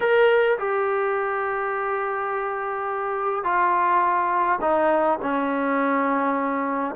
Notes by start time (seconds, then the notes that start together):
0.00 A#4
0.58 G4
3.44 F4
4.61 D#4
5.22 C#4